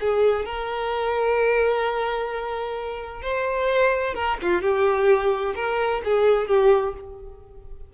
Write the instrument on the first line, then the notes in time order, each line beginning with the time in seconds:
violin
0.00 G#4
0.45 A#4
3.22 C5
4.14 A#4
4.42 F4
4.61 G4
5.55 A#4
6.04 G#4
6.47 G4